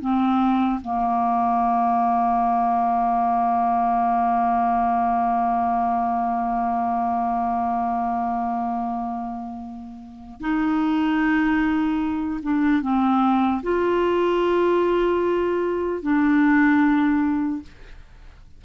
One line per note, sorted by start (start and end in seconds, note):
0.00 0.80 C4
0.81 10.40 A#3
10.40 12.40 D#4
12.42 12.82 D4
12.82 13.62 C4
13.63 16.02 F4
16.02 17.62 D4